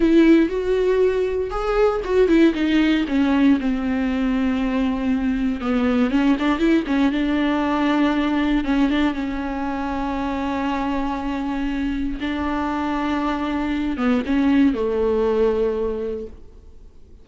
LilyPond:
\new Staff \with { instrumentName = "viola" } { \time 4/4 \tempo 4 = 118 e'4 fis'2 gis'4 | fis'8 e'8 dis'4 cis'4 c'4~ | c'2. b4 | cis'8 d'8 e'8 cis'8 d'2~ |
d'4 cis'8 d'8 cis'2~ | cis'1 | d'2.~ d'8 b8 | cis'4 a2. | }